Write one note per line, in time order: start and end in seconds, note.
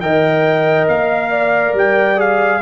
0.00 0.87 D#3
0.00 2.16 A#4
0.00 1.30 D#5
0.00 0.87 G5
0.87 1.73 A#3
0.87 1.75 F5
1.30 2.60 D5
1.73 2.60 G3
1.73 2.20 G5
2.16 2.59 G#4
2.16 2.61 F5